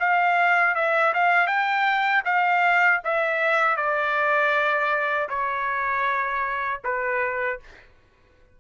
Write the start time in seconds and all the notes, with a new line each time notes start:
0.00 F5
0.75 E5
1.14 F5
1.47 G5
2.25 F5
3.04 E5
3.77 D5
5.29 C#5
6.84 B4